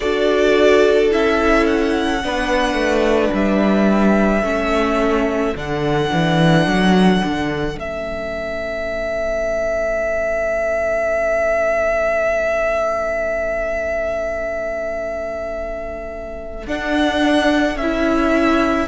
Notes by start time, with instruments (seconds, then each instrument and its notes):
0.00 cello D4, viola F#4, violin A4 D5
1.10 cello C#4, viola E4, violin E5
1.66 violin F#5
2.22 cello B3, viola D4, violin B4
2.73 cello A3
3.33 cello G3, violin E5
4.42 cello A3, viola C#4, violin A4
5.55 cello D3, viola D4, violin F#5
6.12 cello E3
6.66 cello F#3
7.24 cello D3
7.76 cello A3, viola C#4, violin E5
16.66 cello D4, viola D4, violin F#5
17.75 cello C#4, violin E5
17.82 viola E4